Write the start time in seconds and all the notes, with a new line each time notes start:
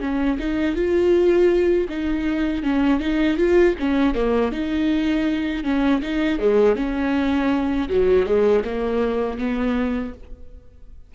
0.00 C#4
0.39 D#4
0.75 F4
1.89 D#4
2.63 C#4
3.00 D#4
3.37 F4
3.79 C#4
4.15 A#3
4.52 D#4
5.64 C#4
6.02 D#4
6.39 G#3
6.76 C#4
7.89 F#3
8.26 G#3
8.64 A#3
9.38 B3